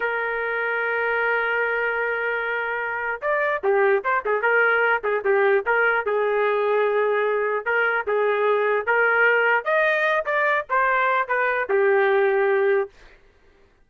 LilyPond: \new Staff \with { instrumentName = "trumpet" } { \time 4/4 \tempo 4 = 149 ais'1~ | ais'1 | d''4 g'4 c''8 gis'8 ais'4~ | ais'8 gis'8 g'4 ais'4 gis'4~ |
gis'2. ais'4 | gis'2 ais'2 | dis''4. d''4 c''4. | b'4 g'2. | }